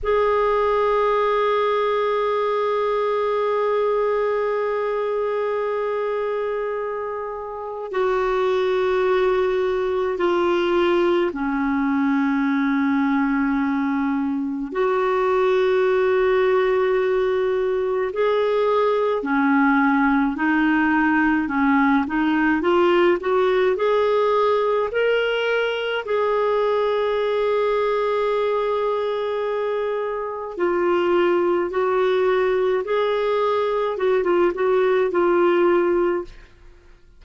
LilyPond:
\new Staff \with { instrumentName = "clarinet" } { \time 4/4 \tempo 4 = 53 gis'1~ | gis'2. fis'4~ | fis'4 f'4 cis'2~ | cis'4 fis'2. |
gis'4 cis'4 dis'4 cis'8 dis'8 | f'8 fis'8 gis'4 ais'4 gis'4~ | gis'2. f'4 | fis'4 gis'4 fis'16 f'16 fis'8 f'4 | }